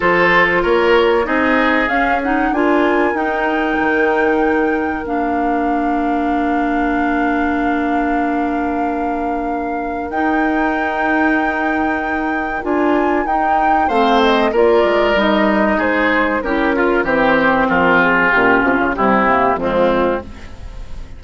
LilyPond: <<
  \new Staff \with { instrumentName = "flute" } { \time 4/4 \tempo 4 = 95 c''4 cis''4 dis''4 f''8 fis''8 | gis''4 g''2. | f''1~ | f''1 |
g''1 | gis''4 g''4 f''8 dis''8 d''4 | dis''4 c''4 ais'4 c''4 | ais'8 gis'8 g'8 f'8 g'4 f'4 | }
  \new Staff \with { instrumentName = "oboe" } { \time 4/4 a'4 ais'4 gis'2 | ais'1~ | ais'1~ | ais'1~ |
ais'1~ | ais'2 c''4 ais'4~ | ais'4 gis'4 g'8 f'8 g'4 | f'2 e'4 c'4 | }
  \new Staff \with { instrumentName = "clarinet" } { \time 4/4 f'2 dis'4 cis'8 dis'8 | f'4 dis'2. | d'1~ | d'1 |
dis'1 | f'4 dis'4 c'4 f'4 | dis'2 e'8 f'8 c'4~ | c'4 cis'4 g8 ais8 gis4 | }
  \new Staff \with { instrumentName = "bassoon" } { \time 4/4 f4 ais4 c'4 cis'4 | d'4 dis'4 dis2 | ais1~ | ais1 |
dis'1 | d'4 dis'4 a4 ais8 gis8 | g4 gis4 cis'4 e4 | f4 ais,8 c16 cis16 c4 f,4 | }
>>